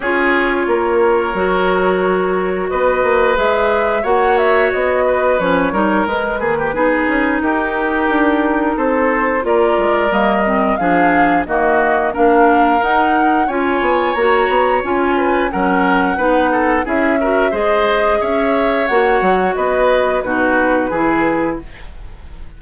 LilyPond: <<
  \new Staff \with { instrumentName = "flute" } { \time 4/4 \tempo 4 = 89 cis''1 | dis''4 e''4 fis''8 e''8 dis''4 | cis''4 b'2 ais'4~ | ais'4 c''4 d''4 dis''4 |
f''4 dis''4 f''4 fis''4 | gis''4 ais''4 gis''4 fis''4~ | fis''4 e''4 dis''4 e''4 | fis''4 dis''4 b'2 | }
  \new Staff \with { instrumentName = "oboe" } { \time 4/4 gis'4 ais'2. | b'2 cis''4. b'8~ | b'8 ais'4 gis'16 g'16 gis'4 g'4~ | g'4 a'4 ais'2 |
gis'4 fis'4 ais'2 | cis''2~ cis''8 b'8 ais'4 | b'8 a'8 gis'8 ais'8 c''4 cis''4~ | cis''4 b'4 fis'4 gis'4 | }
  \new Staff \with { instrumentName = "clarinet" } { \time 4/4 f'2 fis'2~ | fis'4 gis'4 fis'2 | cis'8 dis'8 gis8 dis8 dis'2~ | dis'2 f'4 ais8 c'8 |
d'4 ais4 d'4 dis'4 | f'4 fis'4 f'4 cis'4 | dis'4 e'8 fis'8 gis'2 | fis'2 dis'4 e'4 | }
  \new Staff \with { instrumentName = "bassoon" } { \time 4/4 cis'4 ais4 fis2 | b8 ais8 gis4 ais4 b4 | f8 g8 gis8 ais8 b8 cis'8 dis'4 | d'4 c'4 ais8 gis8 g4 |
f4 dis4 ais4 dis'4 | cis'8 b8 ais8 b8 cis'4 fis4 | b4 cis'4 gis4 cis'4 | ais8 fis8 b4 b,4 e4 | }
>>